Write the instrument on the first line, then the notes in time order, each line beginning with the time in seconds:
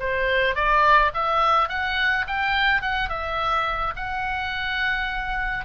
oboe
0.00 C5
0.56 D5
1.14 E5
1.69 F#5
2.28 G5
2.82 F#5
3.10 E5
3.96 F#5